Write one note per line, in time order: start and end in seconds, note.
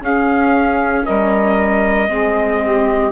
0.00 1.03 C#4
0.00 2.08 C#4
0.00 1.05 G#4
0.00 1.05 F5
1.05 2.09 G3
1.05 2.09 A#4
1.05 3.12 D#5
2.08 3.12 G#3
2.08 3.12 C4
2.08 2.62 G#4
2.63 3.12 G4